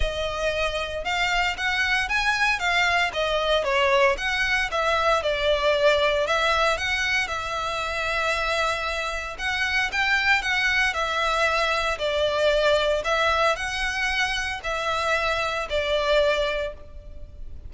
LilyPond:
\new Staff \with { instrumentName = "violin" } { \time 4/4 \tempo 4 = 115 dis''2 f''4 fis''4 | gis''4 f''4 dis''4 cis''4 | fis''4 e''4 d''2 | e''4 fis''4 e''2~ |
e''2 fis''4 g''4 | fis''4 e''2 d''4~ | d''4 e''4 fis''2 | e''2 d''2 | }